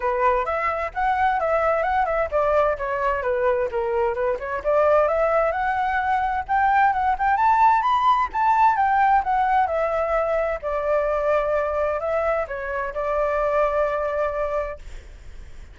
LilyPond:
\new Staff \with { instrumentName = "flute" } { \time 4/4 \tempo 4 = 130 b'4 e''4 fis''4 e''4 | fis''8 e''8 d''4 cis''4 b'4 | ais'4 b'8 cis''8 d''4 e''4 | fis''2 g''4 fis''8 g''8 |
a''4 b''4 a''4 g''4 | fis''4 e''2 d''4~ | d''2 e''4 cis''4 | d''1 | }